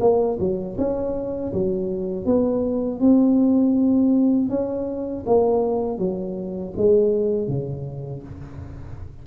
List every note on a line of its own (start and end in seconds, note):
0.00 0.38 A#3
0.39 0.76 F#3
0.77 1.52 C#4
1.53 2.25 F#3
2.25 3.00 B3
3.00 4.49 C4
4.49 5.24 C#4
5.26 5.98 A#3
5.98 6.73 F#3
6.77 7.47 G#3
7.47 8.22 C#3